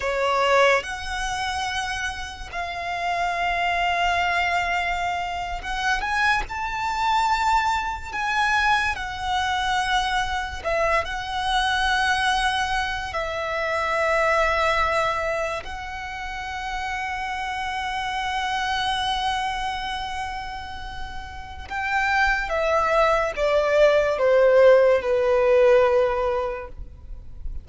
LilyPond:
\new Staff \with { instrumentName = "violin" } { \time 4/4 \tempo 4 = 72 cis''4 fis''2 f''4~ | f''2~ f''8. fis''8 gis''8 a''16~ | a''4.~ a''16 gis''4 fis''4~ fis''16~ | fis''8. e''8 fis''2~ fis''8 e''16~ |
e''2~ e''8. fis''4~ fis''16~ | fis''1~ | fis''2 g''4 e''4 | d''4 c''4 b'2 | }